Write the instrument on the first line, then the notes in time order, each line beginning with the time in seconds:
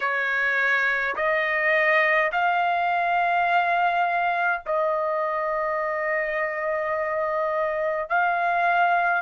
trumpet
0.00 C#5
1.15 D#5
2.31 F5
4.66 D#5
8.09 F5